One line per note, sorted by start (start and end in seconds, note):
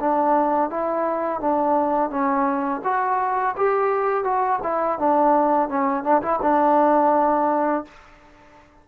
0.00 0.70 D4
0.70 1.41 E4
1.41 2.10 D4
2.10 2.81 C#4
2.84 3.56 F#4
3.57 4.24 G4
4.24 4.59 F#4
4.63 4.99 E4
4.99 5.69 D4
5.69 6.04 C#4
6.04 6.21 D4
6.22 6.40 E4
6.42 7.85 D4